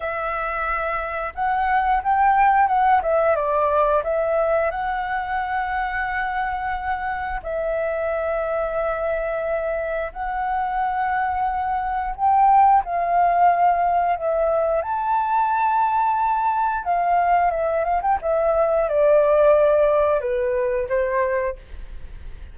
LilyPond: \new Staff \with { instrumentName = "flute" } { \time 4/4 \tempo 4 = 89 e''2 fis''4 g''4 | fis''8 e''8 d''4 e''4 fis''4~ | fis''2. e''4~ | e''2. fis''4~ |
fis''2 g''4 f''4~ | f''4 e''4 a''2~ | a''4 f''4 e''8 f''16 g''16 e''4 | d''2 b'4 c''4 | }